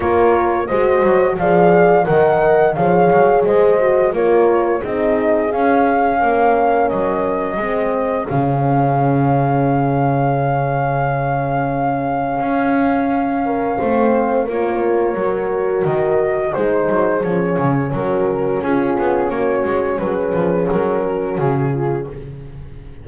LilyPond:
<<
  \new Staff \with { instrumentName = "flute" } { \time 4/4 \tempo 4 = 87 cis''4 dis''4 f''4 fis''4 | f''4 dis''4 cis''4 dis''4 | f''2 dis''2 | f''1~ |
f''1~ | f''4 cis''2 dis''4 | c''4 cis''4 ais'4 gis'4 | cis''4 b'4 ais'4 gis'4 | }
  \new Staff \with { instrumentName = "horn" } { \time 4/4 ais'4 c''4 d''4 dis''4 | cis''4 c''4 ais'4 gis'4~ | gis'4 ais'2 gis'4~ | gis'1~ |
gis'2.~ gis'8 ais'8 | c''4 ais'2. | gis'2 fis'4 f'4 | fis'4 gis'4. fis'4 f'8 | }
  \new Staff \with { instrumentName = "horn" } { \time 4/4 f'4 fis'4 gis'4 ais'4 | gis'4. fis'8 f'4 dis'4 | cis'2. c'4 | cis'1~ |
cis'1 | c'4 f'4 fis'2 | dis'4 cis'2.~ | cis'1 | }
  \new Staff \with { instrumentName = "double bass" } { \time 4/4 ais4 gis8 fis8 f4 dis4 | f8 fis8 gis4 ais4 c'4 | cis'4 ais4 fis4 gis4 | cis1~ |
cis2 cis'2 | a4 ais4 fis4 dis4 | gis8 fis8 f8 cis8 fis4 cis'8 b8 | ais8 gis8 fis8 f8 fis4 cis4 | }
>>